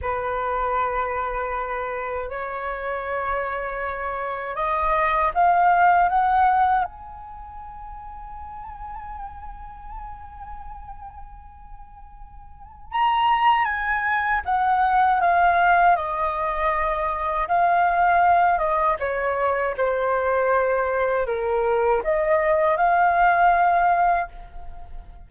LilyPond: \new Staff \with { instrumentName = "flute" } { \time 4/4 \tempo 4 = 79 b'2. cis''4~ | cis''2 dis''4 f''4 | fis''4 gis''2.~ | gis''1~ |
gis''4 ais''4 gis''4 fis''4 | f''4 dis''2 f''4~ | f''8 dis''8 cis''4 c''2 | ais'4 dis''4 f''2 | }